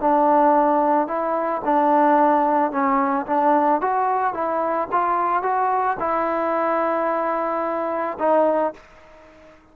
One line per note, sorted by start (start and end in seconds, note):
0.00 1.07 D4
1.07 1.62 E4
1.64 2.71 D4
2.71 3.26 C#4
3.26 3.81 D4
3.81 4.34 F#4
4.34 4.88 E4
4.92 5.42 F4
5.42 5.97 F#4
5.99 8.17 E4
8.19 8.73 D#4